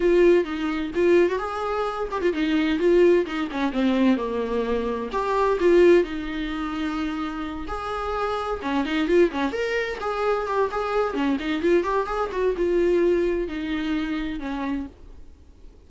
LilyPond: \new Staff \with { instrumentName = "viola" } { \time 4/4 \tempo 4 = 129 f'4 dis'4 f'8. fis'16 gis'4~ | gis'8 g'16 f'16 dis'4 f'4 dis'8 cis'8 | c'4 ais2 g'4 | f'4 dis'2.~ |
dis'8 gis'2 cis'8 dis'8 f'8 | cis'8 ais'4 gis'4 g'8 gis'4 | cis'8 dis'8 f'8 g'8 gis'8 fis'8 f'4~ | f'4 dis'2 cis'4 | }